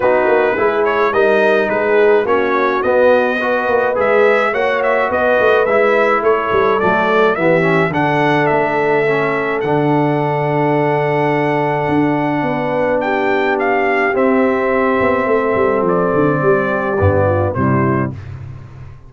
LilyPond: <<
  \new Staff \with { instrumentName = "trumpet" } { \time 4/4 \tempo 4 = 106 b'4. cis''8 dis''4 b'4 | cis''4 dis''2 e''4 | fis''8 e''8 dis''4 e''4 cis''4 | d''4 e''4 fis''4 e''4~ |
e''4 fis''2.~ | fis''2. g''4 | f''4 e''2. | d''2. c''4 | }
  \new Staff \with { instrumentName = "horn" } { \time 4/4 fis'4 gis'4 ais'4 gis'4 | fis'2 b'2 | cis''4 b'2 a'4~ | a'4 g'4 a'2~ |
a'1~ | a'2 b'4 g'4~ | g'2. a'4~ | a'4 g'4. f'8 e'4 | }
  \new Staff \with { instrumentName = "trombone" } { \time 4/4 dis'4 e'4 dis'2 | cis'4 b4 fis'4 gis'4 | fis'2 e'2 | a4 b8 cis'8 d'2 |
cis'4 d'2.~ | d'1~ | d'4 c'2.~ | c'2 b4 g4 | }
  \new Staff \with { instrumentName = "tuba" } { \time 4/4 b8 ais8 gis4 g4 gis4 | ais4 b4. ais8 gis4 | ais4 b8 a8 gis4 a8 g8 | fis4 e4 d4 a4~ |
a4 d2.~ | d4 d'4 b2~ | b4 c'4. b8 a8 g8 | f8 d8 g4 g,4 c4 | }
>>